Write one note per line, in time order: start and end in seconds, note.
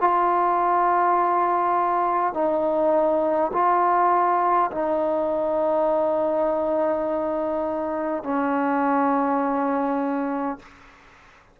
0.00 2.34 F4
2.34 3.52 D#4
3.53 4.71 F4
4.72 8.24 D#4
8.24 10.59 C#4